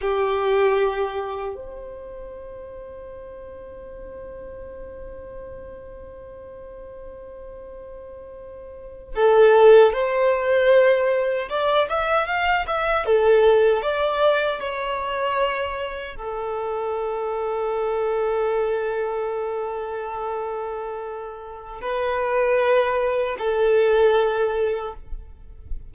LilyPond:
\new Staff \with { instrumentName = "violin" } { \time 4/4 \tempo 4 = 77 g'2 c''2~ | c''1~ | c''2.~ c''8. a'16~ | a'8. c''2 d''8 e''8 f''16~ |
f''16 e''8 a'4 d''4 cis''4~ cis''16~ | cis''8. a'2.~ a'16~ | a'1 | b'2 a'2 | }